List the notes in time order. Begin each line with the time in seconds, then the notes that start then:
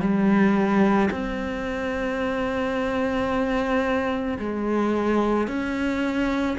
0.00 G3
1.11 C4
4.38 G#3
5.47 C#4